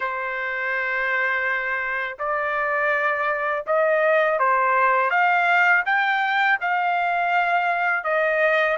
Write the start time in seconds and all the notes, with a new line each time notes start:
0.00 C5
2.19 D5
3.66 D#5
4.39 C5
5.10 F5
5.85 G5
6.60 F5
8.04 D#5